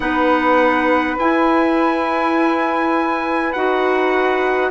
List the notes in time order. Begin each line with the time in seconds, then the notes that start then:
0.00 B3 D#4 B4 F#5
1.18 E4 G#5
3.52 D#4 F#4 F#5